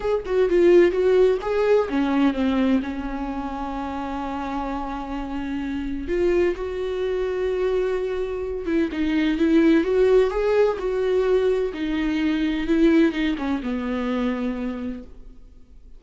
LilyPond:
\new Staff \with { instrumentName = "viola" } { \time 4/4 \tempo 4 = 128 gis'8 fis'8 f'4 fis'4 gis'4 | cis'4 c'4 cis'2~ | cis'1~ | cis'4 f'4 fis'2~ |
fis'2~ fis'8 e'8 dis'4 | e'4 fis'4 gis'4 fis'4~ | fis'4 dis'2 e'4 | dis'8 cis'8 b2. | }